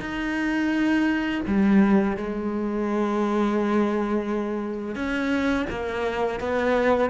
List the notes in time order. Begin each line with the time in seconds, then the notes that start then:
0.00 D#4
1.47 G3
2.17 G#3
4.95 C#4
5.70 A#3
6.40 B3